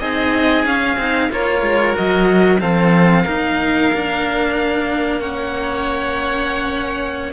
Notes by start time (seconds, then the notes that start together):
0.00 C4 D#4 G#4 D#5
0.65 C#4 F5
0.97 C4 D#4
1.30 A#3 F4 A#4 C#5
1.62 G#3
1.93 F#4 D#5
1.99 F#3
2.60 F3 C4 A4 F5
3.24 A#3 D#4 A#4
3.94 D4
5.20 C#4 C#5 F#5